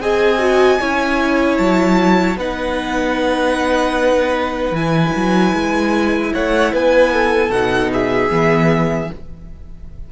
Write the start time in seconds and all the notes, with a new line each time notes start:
0.00 C4 G#4 D#5 G#5
0.38 F#4
0.80 C#4 E4 C#5
1.57 F#3 A5
2.36 B3 D#4 B4 F#5
4.71 E3 E4 G#5
5.16 F#3
5.53 G#3
6.33 A3 C#5 F#5
6.73 B3 B4 G#5
7.12 A4
7.50 B2 D#4 F#5
7.92 G#4 E5
8.29 E3 B3